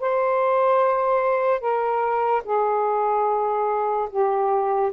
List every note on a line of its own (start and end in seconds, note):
0.00 1.60 C5
1.60 2.42 A#4
2.44 4.09 G#4
4.10 4.92 G4